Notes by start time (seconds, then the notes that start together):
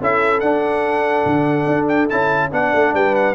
0.00 C#4 E4 A4 E5
0.41 D4 F#5
1.26 D3
1.67 D4
1.88 G5
2.10 C#4 E4 A5
2.52 B3 D4 D5 F#5
2.73 A3
2.94 G3 B4 G5
3.16 F#5